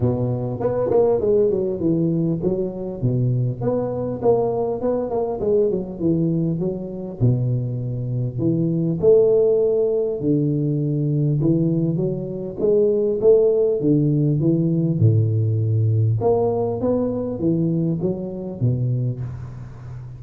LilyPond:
\new Staff \with { instrumentName = "tuba" } { \time 4/4 \tempo 4 = 100 b,4 b8 ais8 gis8 fis8 e4 | fis4 b,4 b4 ais4 | b8 ais8 gis8 fis8 e4 fis4 | b,2 e4 a4~ |
a4 d2 e4 | fis4 gis4 a4 d4 | e4 a,2 ais4 | b4 e4 fis4 b,4 | }